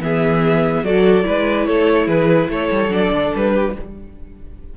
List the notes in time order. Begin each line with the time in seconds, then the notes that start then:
0.00 E3 B3 G#4 E5
0.83 F#3 F#4 A4 D5
1.23 G#3 E4 B4
1.66 A3 A4 C#5
2.07 E3 G#4 B4
2.49 A3 A4 C#5
2.71 G3
2.89 F#3 D4 D5
3.11 D3
3.35 G3 B4
3.53 G4